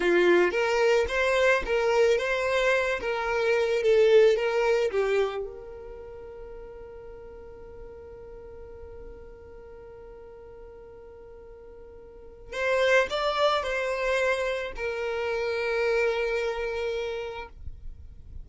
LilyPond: \new Staff \with { instrumentName = "violin" } { \time 4/4 \tempo 4 = 110 f'4 ais'4 c''4 ais'4 | c''4. ais'4. a'4 | ais'4 g'4 ais'2~ | ais'1~ |
ais'1~ | ais'2. c''4 | d''4 c''2 ais'4~ | ais'1 | }